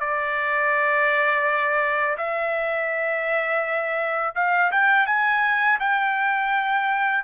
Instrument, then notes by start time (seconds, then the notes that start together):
trumpet
0.00 D5
2.18 E5
4.35 F5
4.72 G5
5.07 G#5
5.80 G5